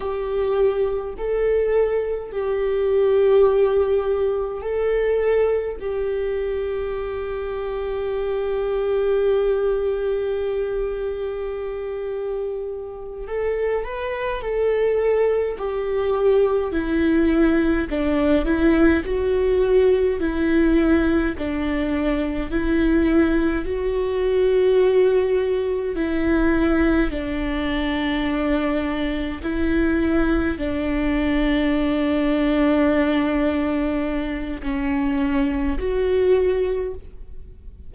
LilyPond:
\new Staff \with { instrumentName = "viola" } { \time 4/4 \tempo 4 = 52 g'4 a'4 g'2 | a'4 g'2.~ | g'2.~ g'8 a'8 | b'8 a'4 g'4 e'4 d'8 |
e'8 fis'4 e'4 d'4 e'8~ | e'8 fis'2 e'4 d'8~ | d'4. e'4 d'4.~ | d'2 cis'4 fis'4 | }